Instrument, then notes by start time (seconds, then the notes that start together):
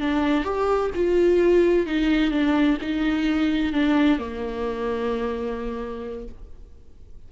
viola
0.00 D4
0.44 G4
0.95 F4
1.87 D#4
2.32 D4
2.82 D#4
3.73 D4
4.19 A#3